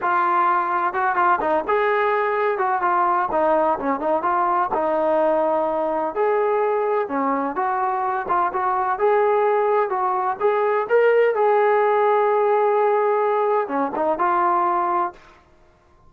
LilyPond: \new Staff \with { instrumentName = "trombone" } { \time 4/4 \tempo 4 = 127 f'2 fis'8 f'8 dis'8 gis'8~ | gis'4. fis'8 f'4 dis'4 | cis'8 dis'8 f'4 dis'2~ | dis'4 gis'2 cis'4 |
fis'4. f'8 fis'4 gis'4~ | gis'4 fis'4 gis'4 ais'4 | gis'1~ | gis'4 cis'8 dis'8 f'2 | }